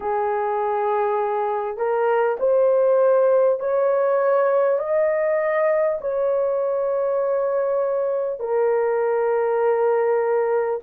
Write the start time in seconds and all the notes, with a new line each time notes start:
0.00 G#4
1.77 A#4
2.39 C5
3.59 C#5
4.78 D#5
6.01 C#5
8.39 A#4